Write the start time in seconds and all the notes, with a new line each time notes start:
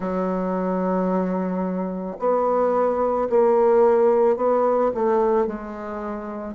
0.00 F#3
2.19 B3
3.29 A#3
4.36 B3
4.94 A3
5.46 G#3